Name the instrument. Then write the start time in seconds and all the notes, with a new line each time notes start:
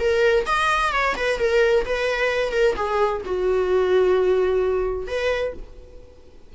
viola
0.00 A#4
0.46 D#5
0.93 C#5
1.17 B4
1.39 A#4
1.86 B4
2.53 A#4
2.76 G#4
3.26 F#4
5.08 B4